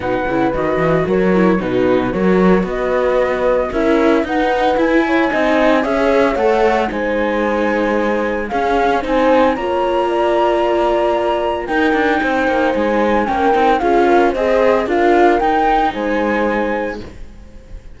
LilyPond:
<<
  \new Staff \with { instrumentName = "flute" } { \time 4/4 \tempo 4 = 113 fis''4 dis''4 cis''4 b'4 | cis''4 dis''2 e''4 | fis''4 gis''2 e''4 | fis''4 gis''2. |
f''4 gis''4 ais''2~ | ais''2 g''2 | gis''4 g''4 f''4 dis''4 | f''4 g''4 gis''2 | }
  \new Staff \with { instrumentName = "horn" } { \time 4/4 b'2 ais'4 fis'4 | ais'4 b'2 ais'4 | b'4. cis''8 dis''4 cis''4~ | cis''4 c''2. |
gis'4 c''4 cis''4 d''4~ | d''2 ais'4 c''4~ | c''4 ais'4 gis'8 ais'8 c''4 | ais'2 c''2 | }
  \new Staff \with { instrumentName = "viola" } { \time 4/4 dis'8 e'8 fis'4. e'8 dis'4 | fis'2. e'4 | dis'4 e'4 dis'4 gis'4 | a'4 dis'2. |
cis'4 dis'4 f'2~ | f'2 dis'2~ | dis'4 cis'8 dis'8 f'4 gis'4 | f'4 dis'2. | }
  \new Staff \with { instrumentName = "cello" } { \time 4/4 b,8 cis8 dis8 e8 fis4 b,4 | fis4 b2 cis'4 | dis'4 e'4 c'4 cis'4 | a4 gis2. |
cis'4 c'4 ais2~ | ais2 dis'8 d'8 c'8 ais8 | gis4 ais8 c'8 cis'4 c'4 | d'4 dis'4 gis2 | }
>>